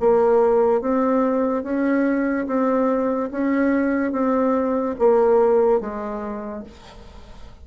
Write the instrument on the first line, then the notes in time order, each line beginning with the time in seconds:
bassoon
0.00 A#3
0.81 C4
1.63 C#4
2.47 C4
3.31 C#4
4.12 C4
4.99 A#3
5.80 G#3